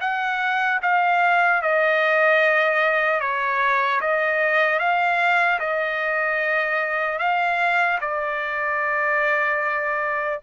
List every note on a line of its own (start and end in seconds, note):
0.00 0.80 F#5
0.82 1.62 F5
1.62 3.20 D#5
3.20 4.00 C#5
4.00 4.79 D#5
4.79 5.59 F5
5.59 7.18 D#5
7.18 7.98 F5
8.00 10.40 D5